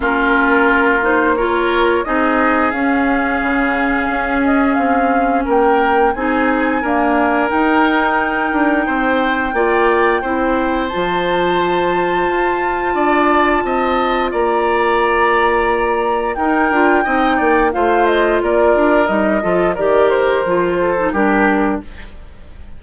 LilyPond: <<
  \new Staff \with { instrumentName = "flute" } { \time 4/4 \tempo 4 = 88 ais'4. c''8 cis''4 dis''4 | f''2~ f''8 dis''8 f''4 | g''4 gis''2 g''4~ | g''1 |
a''1~ | a''4 ais''2. | g''2 f''8 dis''8 d''4 | dis''4 d''8 c''4. ais'4 | }
  \new Staff \with { instrumentName = "oboe" } { \time 4/4 f'2 ais'4 gis'4~ | gis'1 | ais'4 gis'4 ais'2~ | ais'4 c''4 d''4 c''4~ |
c''2. d''4 | dis''4 d''2. | ais'4 dis''8 d''8 c''4 ais'4~ | ais'8 a'8 ais'4. a'8 g'4 | }
  \new Staff \with { instrumentName = "clarinet" } { \time 4/4 cis'4. dis'8 f'4 dis'4 | cis'1~ | cis'4 dis'4 ais4 dis'4~ | dis'2 f'4 e'4 |
f'1~ | f'1 | dis'8 f'8 dis'4 f'2 | dis'8 f'8 g'4 f'8. dis'16 d'4 | }
  \new Staff \with { instrumentName = "bassoon" } { \time 4/4 ais2. c'4 | cis'4 cis4 cis'4 c'4 | ais4 c'4 d'4 dis'4~ | dis'8 d'8 c'4 ais4 c'4 |
f2 f'4 d'4 | c'4 ais2. | dis'8 d'8 c'8 ais8 a4 ais8 d'8 | g8 f8 dis4 f4 g4 | }
>>